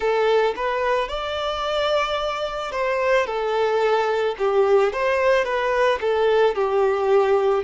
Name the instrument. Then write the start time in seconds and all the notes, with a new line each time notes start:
violin
0.00 A4
0.56 B4
1.08 D5
2.71 C5
3.26 A4
4.38 G4
4.92 C5
5.44 B4
6.00 A4
6.55 G4